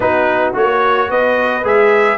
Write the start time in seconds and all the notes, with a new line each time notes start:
0.00 B3 D#4 F#4 B4
0.53 A#3 F#4 C#5
1.09 B3 B4 D#5
1.64 G#3 G#4 E5